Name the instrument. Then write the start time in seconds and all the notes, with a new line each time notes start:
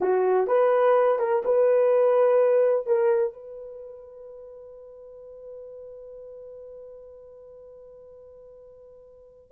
horn
0.00 F#4
0.47 B4
1.19 A#4
1.44 B4
2.86 A#4
3.33 B4